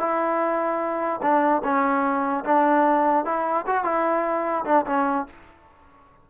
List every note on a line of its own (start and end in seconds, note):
0.00 1.21 E4
1.22 1.63 D4
1.64 2.45 C#4
2.45 3.25 D4
3.25 3.66 E4
3.67 3.84 F#4
3.84 4.65 E4
4.65 4.85 D4
4.86 5.27 C#4